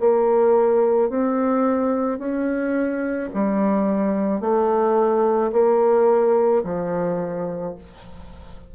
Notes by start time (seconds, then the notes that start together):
0.00 A#3
1.10 C4
2.19 C#4
3.34 G3
4.41 A3
5.53 A#3
6.64 F3